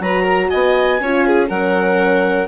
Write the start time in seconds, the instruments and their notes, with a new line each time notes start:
0.00 bassoon F#3, horn F#4, violin B4, clarinet A#5
0.23 violin A#4
0.49 bassoon B3, violin D#5, clarinet G#5
1.01 bassoon C#4, horn F4, violin C#5
1.27 violin G#4
1.49 bassoon F#3, horn C#4, violin A#4, clarinet F#5